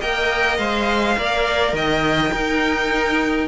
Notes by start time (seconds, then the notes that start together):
0.00 A#3 A#4 D#5 G5
0.57 G#3 C5 F5
1.17 A#3 A#4 D5
1.72 D#3 D#5 G5
2.31 D#4 A#4